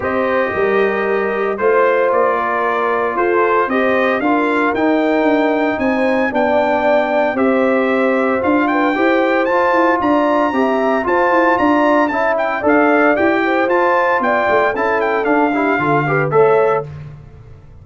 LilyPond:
<<
  \new Staff \with { instrumentName = "trumpet" } { \time 4/4 \tempo 4 = 114 dis''2. c''4 | d''2 c''4 dis''4 | f''4 g''2 gis''4 | g''2 e''2 |
f''8 g''4. a''4 ais''4~ | ais''4 a''4 ais''4 a''8 g''8 | f''4 g''4 a''4 g''4 | a''8 g''8 f''2 e''4 | }
  \new Staff \with { instrumentName = "horn" } { \time 4/4 c''4 ais'2 c''4~ | c''8 ais'4. a'4 c''4 | ais'2. c''4 | d''2 c''2~ |
c''8 b'8 c''2 d''4 | e''4 c''4 d''4 e''4 | d''4. c''4. d''4 | a'4. g'8 a'8 b'8 cis''4 | }
  \new Staff \with { instrumentName = "trombone" } { \time 4/4 g'2. f'4~ | f'2. g'4 | f'4 dis'2. | d'2 g'2 |
f'4 g'4 f'2 | g'4 f'2 e'4 | a'4 g'4 f'2 | e'4 d'8 e'8 f'8 g'8 a'4 | }
  \new Staff \with { instrumentName = "tuba" } { \time 4/4 c'4 g2 a4 | ais2 f'4 c'4 | d'4 dis'4 d'4 c'4 | b2 c'2 |
d'4 e'4 f'8 e'8 d'4 | c'4 f'8 e'8 d'4 cis'4 | d'4 e'4 f'4 b8 a8 | cis'4 d'4 d4 a4 | }
>>